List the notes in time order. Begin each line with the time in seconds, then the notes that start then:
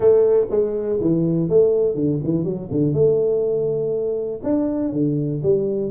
0.00 A3
0.50 G#3
1.00 E3
1.49 A3
1.94 D3
2.23 E3
2.43 F#3
2.71 D3
2.93 A3
4.43 D4
4.92 D3
5.42 G3